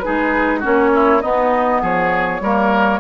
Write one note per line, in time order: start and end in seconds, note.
0.00 0.62 D#4
0.00 0.60 G#4
0.00 0.59 B4
0.07 0.65 G#3
0.60 1.23 A#3
0.60 1.22 C#4
0.60 0.90 F#4
0.60 1.22 C#5
0.95 1.23 E4
1.22 2.42 B3
1.22 1.82 B3
1.22 1.82 D#4
1.22 1.81 D#5
1.82 2.41 F3
1.82 2.41 G#4
1.82 3.00 C#5
2.41 3.00 G3
2.41 3.00 A#3
2.41 3.00 A#4